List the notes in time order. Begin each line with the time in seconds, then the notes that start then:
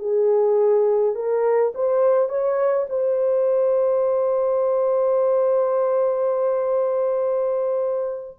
0.00 G#4
1.15 A#4
1.75 C5
2.30 C#5
2.90 C5